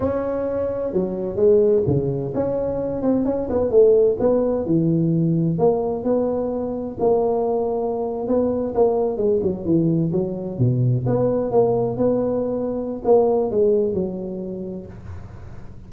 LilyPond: \new Staff \with { instrumentName = "tuba" } { \time 4/4 \tempo 4 = 129 cis'2 fis4 gis4 | cis4 cis'4. c'8 cis'8 b8 | a4 b4 e2 | ais4 b2 ais4~ |
ais4.~ ais16 b4 ais4 gis16~ | gis16 fis8 e4 fis4 b,4 b16~ | b8. ais4 b2~ b16 | ais4 gis4 fis2 | }